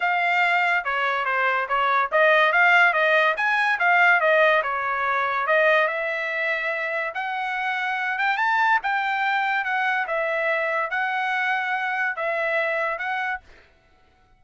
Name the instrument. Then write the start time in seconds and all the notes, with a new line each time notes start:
trumpet
0.00 F5
0.84 C#5
1.25 C5
1.68 C#5
2.11 D#5
2.52 F5
2.93 D#5
3.36 G#5
3.79 F5
4.20 D#5
4.62 C#5
5.47 D#5
5.87 E5
7.14 F#5
8.18 G5
8.37 A5
8.82 G5
9.64 F#5
10.07 E5
10.90 F#5
12.15 E5
12.98 F#5